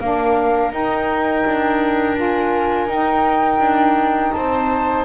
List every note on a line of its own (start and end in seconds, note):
0.00 0.72 A#3
0.00 0.72 D4
0.00 4.34 A#4
0.00 0.72 F5
0.72 2.16 D#4
0.72 1.45 D#4
0.72 2.18 G5
1.46 2.87 D4
2.16 2.88 F4
2.16 2.90 G#5
2.87 3.59 D#4
2.87 5.05 D#4
2.87 4.32 G5
3.59 4.31 D4
4.32 5.05 C4
4.32 5.05 C5
4.32 5.05 A5